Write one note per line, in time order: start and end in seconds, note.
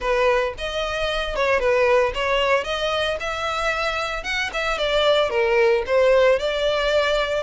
0.00 0.54 B4
0.58 1.35 D#5
1.35 1.59 C#5
1.59 2.12 B4
2.14 2.64 C#5
2.64 3.17 D#5
3.20 4.23 E5
4.23 4.50 F#5
4.53 4.78 E5
4.78 5.30 D5
5.30 5.83 A#4
5.86 6.39 C5
6.39 7.43 D5